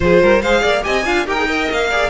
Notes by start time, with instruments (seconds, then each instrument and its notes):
0.00 cello F3, viola F4, violin G#4 C5
0.22 cello G3, violin A#4
0.42 cello G#3, viola G#4, violin C5 F5
0.61 cello A#3, violin D5
0.82 cello C4, viola G4, violin D#5 G#5
1.05 cello D4, viola F4, violin F5
1.26 cello D#4, viola G4, violin A#4 G5
1.36 viola G#4
1.47 viola A#4, violin D#5
1.71 cello A#3, violin F5
1.90 viola G#4, violin D5